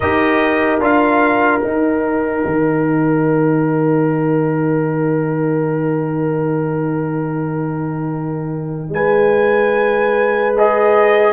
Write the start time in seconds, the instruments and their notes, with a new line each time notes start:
0.00 tuba D#4, trombone G4, horn A#4, trumpet D#5
0.79 tuba D4, trombone F4, trumpet F5
1.60 trombone D#4, tuba D#4, trumpet G5
2.45 tuba D#3
8.89 tuba G#3, horn B4, trumpet G#5
10.57 trombone G#4, trumpet D#5